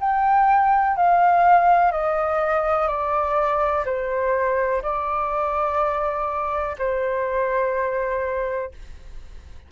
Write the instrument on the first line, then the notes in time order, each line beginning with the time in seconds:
flute
0.00 G5
0.96 F5
1.92 D#5
2.88 D5
3.85 C5
4.83 D5
6.78 C5